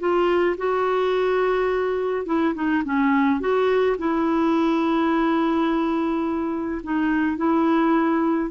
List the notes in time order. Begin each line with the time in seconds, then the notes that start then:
0.00 F4
0.58 F#4
2.26 E4
2.55 D#4
2.85 C#4
3.41 F#4
3.99 E4
6.84 D#4
7.37 E4